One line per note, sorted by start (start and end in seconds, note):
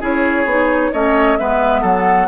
0.00 0.45 C#4
0.00 0.46 E4
0.00 0.91 G#4
0.00 0.93 C#5
0.45 0.91 B3
0.45 0.93 D#4
0.93 1.39 A3
0.93 1.38 C#4
0.93 1.38 C#5
0.93 1.37 D#5
1.37 1.83 G#3
1.37 2.28 B3
1.37 1.81 B4
1.37 1.83 E5
1.81 2.28 F#3
1.81 2.27 A4
1.81 2.28 F#5